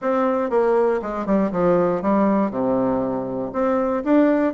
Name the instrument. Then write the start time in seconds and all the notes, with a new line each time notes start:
bassoon
0.01 C4
0.50 A#3
1.02 G#3
1.26 G3
1.51 F3
2.02 G3
2.50 C3
3.52 C4
4.04 D4